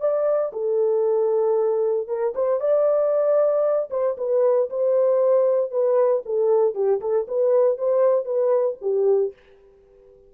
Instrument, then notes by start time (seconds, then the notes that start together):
horn
0.00 D5
0.52 A4
2.08 A#4
2.35 C5
2.60 D5
3.90 C5
4.17 B4
4.70 C5
5.71 B4
6.25 A4
6.74 G4
7.01 A4
7.28 B4
7.78 C5
8.25 B4
8.81 G4